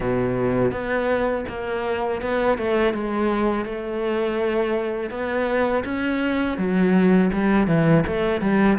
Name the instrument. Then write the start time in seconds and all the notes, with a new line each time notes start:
cello
0.00 B2
0.71 B3
1.48 A#3
2.22 B3
2.58 A3
2.93 G#3
3.65 A3
5.10 B3
5.84 C#4
6.57 F#3
7.32 G3
7.67 E3
8.07 A3
8.41 G3